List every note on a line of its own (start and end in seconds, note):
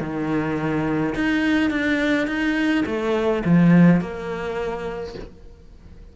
0.00 1.14 D#3
1.15 1.70 D#4
1.70 2.27 D4
2.27 2.84 D#4
2.86 3.43 A3
3.45 4.01 F3
4.01 5.15 A#3